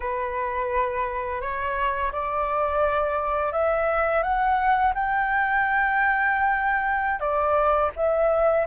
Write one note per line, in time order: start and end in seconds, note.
0.00 1.41 B4
1.41 2.11 C#5
2.12 3.52 D5
3.52 4.22 E5
4.22 4.93 F#5
4.94 7.19 G5
7.19 7.90 D5
7.96 8.66 E5